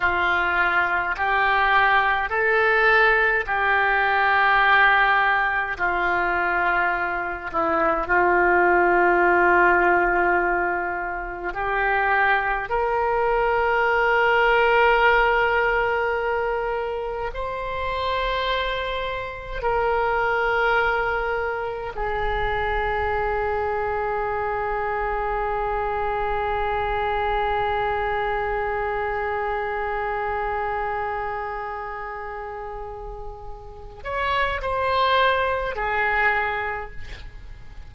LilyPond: \new Staff \with { instrumentName = "oboe" } { \time 4/4 \tempo 4 = 52 f'4 g'4 a'4 g'4~ | g'4 f'4. e'8 f'4~ | f'2 g'4 ais'4~ | ais'2. c''4~ |
c''4 ais'2 gis'4~ | gis'1~ | gis'1~ | gis'4. cis''8 c''4 gis'4 | }